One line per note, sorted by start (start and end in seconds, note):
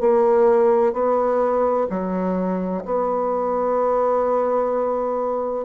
0.00 0.93 A#3
0.93 1.87 B3
1.90 2.83 F#3
2.85 5.65 B3